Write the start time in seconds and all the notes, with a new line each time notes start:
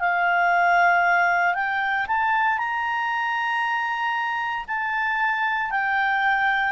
0.00 F5
1.55 G5
2.07 A5
2.59 A#5
4.68 A5
5.71 G5